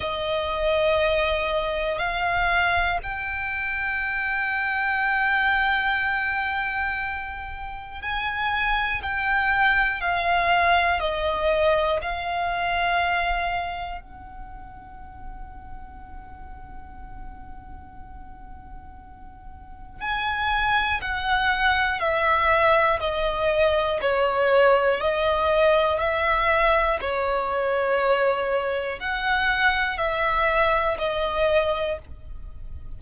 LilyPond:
\new Staff \with { instrumentName = "violin" } { \time 4/4 \tempo 4 = 60 dis''2 f''4 g''4~ | g''1 | gis''4 g''4 f''4 dis''4 | f''2 fis''2~ |
fis''1 | gis''4 fis''4 e''4 dis''4 | cis''4 dis''4 e''4 cis''4~ | cis''4 fis''4 e''4 dis''4 | }